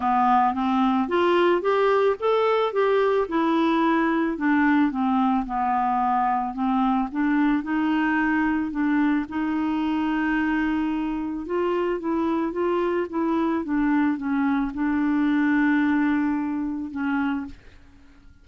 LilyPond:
\new Staff \with { instrumentName = "clarinet" } { \time 4/4 \tempo 4 = 110 b4 c'4 f'4 g'4 | a'4 g'4 e'2 | d'4 c'4 b2 | c'4 d'4 dis'2 |
d'4 dis'2.~ | dis'4 f'4 e'4 f'4 | e'4 d'4 cis'4 d'4~ | d'2. cis'4 | }